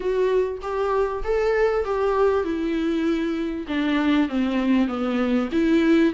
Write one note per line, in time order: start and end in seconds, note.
0.00 0.58 F#4
0.62 1.23 G4
1.24 1.85 A4
1.85 2.44 G4
2.44 3.66 E4
3.67 4.29 D4
4.29 4.87 C4
4.87 5.49 B3
5.51 6.13 E4